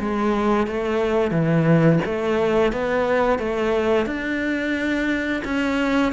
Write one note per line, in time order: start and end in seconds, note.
0.00 0.67 G#3
0.67 1.31 A3
1.31 2.00 E3
2.05 2.73 A3
2.73 3.39 B3
3.39 4.06 A3
4.06 5.43 D4
5.45 6.13 C#4